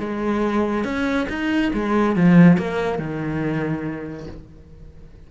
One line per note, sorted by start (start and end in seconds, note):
0.00 0.85 G#3
0.85 1.28 C#4
1.30 1.72 D#4
1.74 2.16 G#3
2.16 2.58 F3
2.58 2.99 A#3
2.99 4.28 D#3